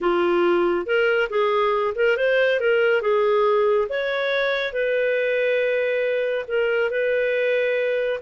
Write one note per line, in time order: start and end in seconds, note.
0.01 0.85 F4
0.85 1.29 A#4
1.29 1.94 G#4
1.95 2.16 A#4
2.16 2.59 C5
2.60 3.01 A#4
3.01 3.88 G#4
3.89 4.72 C#5
4.72 6.45 B4
6.47 6.90 A#4
6.90 8.20 B4